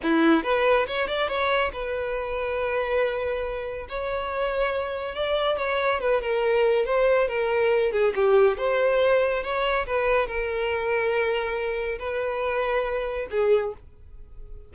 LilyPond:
\new Staff \with { instrumentName = "violin" } { \time 4/4 \tempo 4 = 140 e'4 b'4 cis''8 d''8 cis''4 | b'1~ | b'4 cis''2. | d''4 cis''4 b'8 ais'4. |
c''4 ais'4. gis'8 g'4 | c''2 cis''4 b'4 | ais'1 | b'2. gis'4 | }